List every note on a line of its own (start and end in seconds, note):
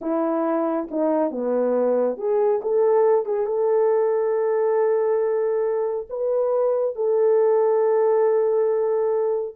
0.01 0.88 E4
0.90 1.30 D#4
1.30 2.17 B3
2.17 2.60 G#4
2.61 3.25 A4
3.25 3.46 G#4
3.46 6.07 A4
6.09 6.95 B4
6.95 9.55 A4